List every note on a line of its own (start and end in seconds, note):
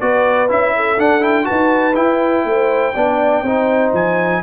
0.00 0.50 B3
0.00 0.48 F#4
0.00 0.76 B4
0.00 0.49 D5
0.48 0.98 C#4
0.48 0.97 E4
0.48 1.00 E5
0.76 1.47 A4
0.98 1.48 D4
0.98 1.20 D4
0.98 1.24 F#5
1.20 1.44 E4
1.20 1.45 G5
1.44 1.93 F#4
1.44 2.45 B4
1.44 1.95 A5
1.51 1.96 D#4
1.95 2.93 E4
1.95 2.45 E4
1.95 3.92 G5
2.45 2.94 A3
2.45 2.94 C5
2.94 3.42 B3
2.94 3.45 D4
2.94 3.43 D5
3.42 3.91 C4
3.42 4.43 D#4
3.42 4.42 C5
3.93 4.42 F3
3.93 4.43 G#5